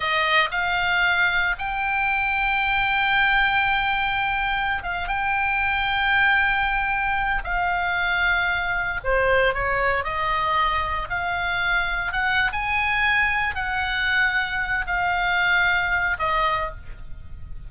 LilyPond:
\new Staff \with { instrumentName = "oboe" } { \time 4/4 \tempo 4 = 115 dis''4 f''2 g''4~ | g''1~ | g''4~ g''16 f''8 g''2~ g''16~ | g''2~ g''16 f''4.~ f''16~ |
f''4~ f''16 c''4 cis''4 dis''8.~ | dis''4~ dis''16 f''2 fis''8. | gis''2 fis''2~ | fis''8 f''2~ f''8 dis''4 | }